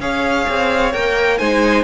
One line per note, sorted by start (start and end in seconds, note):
0.00 0.46 C#4
0.00 0.93 G#4
0.00 1.37 C#5
0.00 0.93 F5
0.49 0.94 C4
0.93 1.40 A#3
0.93 1.39 A#4
0.93 1.38 G5
1.37 1.83 G#3
1.37 1.83 D#4
1.37 1.83 C5
1.37 1.83 G#5